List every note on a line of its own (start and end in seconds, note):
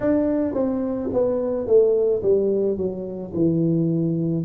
0.00 0.54 D4
0.54 1.09 C4
1.12 1.66 B3
1.66 2.22 A3
2.22 2.77 G3
2.77 3.32 F#3
3.33 4.44 E3